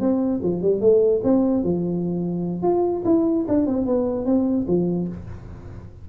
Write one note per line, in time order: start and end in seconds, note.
0.00 0.41 C4
0.43 0.62 F3
0.62 0.81 G3
0.81 1.22 A3
1.24 1.64 C4
1.64 2.63 F3
2.63 3.03 F4
3.05 3.46 E4
3.48 3.67 D4
3.67 3.86 C4
3.86 4.26 B3
4.26 4.66 C4
4.68 5.08 F3